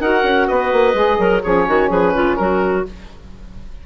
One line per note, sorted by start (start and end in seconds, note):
0.00 0.23 D#4
0.00 0.94 F#4
0.00 0.48 A#4
0.00 0.48 F#5
0.23 0.47 C#4
0.48 0.73 B3
0.48 1.19 B4
0.48 1.42 D#5
0.73 0.94 A#3
0.94 1.18 G#3
0.94 1.41 G#4
1.19 1.42 F#3
1.19 1.43 A#4
1.43 1.68 F3
1.43 2.85 C#4
1.43 1.67 G#4
1.43 1.90 C#5
1.67 1.90 D#3
1.67 1.89 F#4
1.89 2.13 F3
1.89 2.12 G#4
1.89 2.36 B4
2.14 2.39 C#3
2.14 2.38 F4
2.36 2.86 F#3
2.36 2.86 F#4
2.36 2.84 A#4